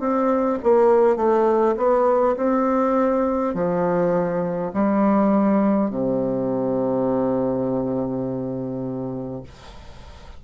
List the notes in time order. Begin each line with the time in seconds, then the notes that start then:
0.00 C4
0.63 A#3
1.17 A3
1.77 B3
2.37 C4
3.54 F3
4.73 G3
5.90 C3